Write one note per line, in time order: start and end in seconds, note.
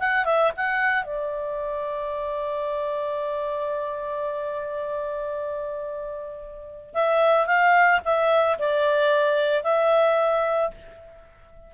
0.00 0.26 F#5
0.26 0.52 E5
0.57 1.04 F#5
1.04 6.94 D5
6.94 7.47 E5
7.47 8.01 F5
8.05 8.59 E5
8.59 9.64 D5
9.64 10.71 E5